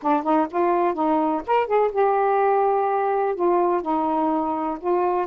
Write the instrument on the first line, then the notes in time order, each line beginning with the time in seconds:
saxophone
0.02 D4
0.23 D#4
0.50 F4
0.94 D#4
1.47 A#4
1.66 G#4
1.91 G4
3.35 F4
3.82 D#4
4.80 F4